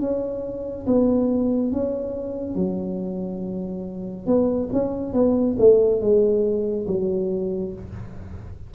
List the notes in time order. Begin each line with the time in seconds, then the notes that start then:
0.00 C#4
0.86 B3
1.72 C#4
2.55 F#3
4.26 B3
4.72 C#4
5.13 B3
5.59 A3
6.00 G#3
6.87 F#3